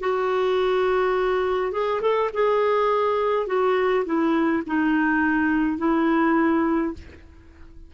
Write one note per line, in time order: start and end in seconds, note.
0.00 1.73 F#4
1.73 2.01 G#4
2.01 2.30 A4
2.33 3.47 G#4
3.47 4.04 F#4
4.05 4.63 E4
4.67 5.78 D#4
5.78 6.94 E4